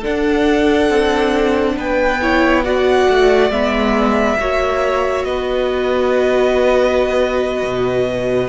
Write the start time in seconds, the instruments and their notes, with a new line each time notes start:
0.00 viola D4, cello D4, violin A4 F#5
0.90 cello C4
1.76 cello B3, violin B4 G5
2.22 viola E4, violin C#5
2.64 viola F#4, violin D5 F#5
3.09 cello A3
3.50 cello G#3, viola B3, violin E5
4.39 cello A#3, viola F#4, violin C#5
5.24 cello B3, violin B4 D#5
7.63 cello B2